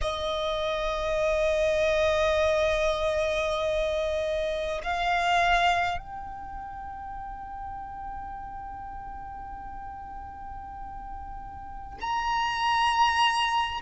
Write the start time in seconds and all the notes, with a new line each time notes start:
0.01 D#5
4.83 F5
5.98 G5
12.00 A#5